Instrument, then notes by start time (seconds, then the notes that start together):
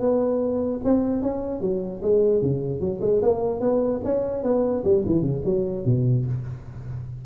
tuba
0.00 B3
0.84 C4
1.22 C#4
1.61 F#3
2.02 G#3
2.42 C#3
2.80 F#3
3.01 G#3
3.22 A#3
3.61 B3
4.04 C#4
4.43 B3
4.84 G3
5.06 E3
5.22 C#3
5.45 F#3
5.85 B2